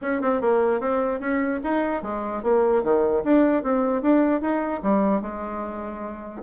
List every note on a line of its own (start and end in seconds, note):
0.01 0.21 C#4
0.21 0.41 C4
0.41 0.80 A#3
0.80 1.20 C4
1.20 1.60 C#4
1.63 2.02 D#4
2.02 2.42 G#3
2.43 2.83 A#3
2.83 3.23 D#3
3.24 3.63 D4
3.63 4.01 C4
4.01 4.41 D4
4.41 4.81 D#4
4.82 5.21 G3
5.21 6.42 G#3